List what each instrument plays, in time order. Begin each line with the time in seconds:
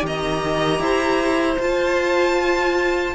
0.00 cello D#3, viola G4, violin A#5
0.07 violin D#5
0.79 cello E4, violin C5
1.59 cello F4, viola F4, violin A5